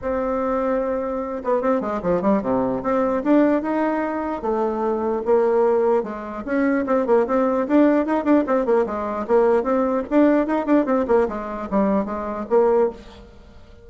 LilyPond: \new Staff \with { instrumentName = "bassoon" } { \time 4/4 \tempo 4 = 149 c'2.~ c'8 b8 | c'8 gis8 f8 g8 c4 c'4 | d'4 dis'2 a4~ | a4 ais2 gis4 |
cis'4 c'8 ais8 c'4 d'4 | dis'8 d'8 c'8 ais8 gis4 ais4 | c'4 d'4 dis'8 d'8 c'8 ais8 | gis4 g4 gis4 ais4 | }